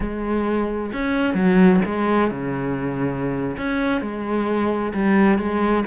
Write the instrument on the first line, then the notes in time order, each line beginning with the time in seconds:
cello
0.00 G#3
0.93 C#4
1.34 F#3
1.85 G#3
2.30 C#3
3.57 C#4
4.01 G#3
4.93 G3
5.38 G#3